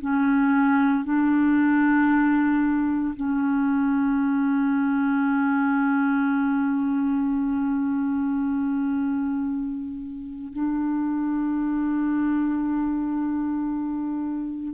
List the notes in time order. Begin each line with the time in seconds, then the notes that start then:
0.00 C#4
1.04 D4
3.16 C#4
10.53 D4